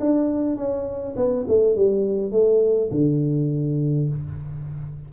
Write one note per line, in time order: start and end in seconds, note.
0.00 0.56 D4
0.56 1.15 C#4
1.17 1.46 B3
1.48 1.75 A3
1.75 2.32 G3
2.32 2.90 A3
2.91 4.09 D3